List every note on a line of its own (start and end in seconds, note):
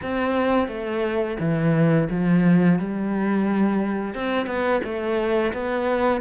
0.02 0.68 C4
0.68 1.37 A3
1.39 2.08 E3
2.09 2.78 F3
2.78 4.14 G3
4.14 4.46 C4
4.46 4.80 B3
4.84 5.53 A3
5.53 6.21 B3